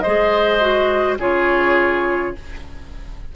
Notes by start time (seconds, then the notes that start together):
0.00 G#4 C5 D#5
0.07 G#3
0.60 F#4
1.18 C#3 F4 G#4 C#5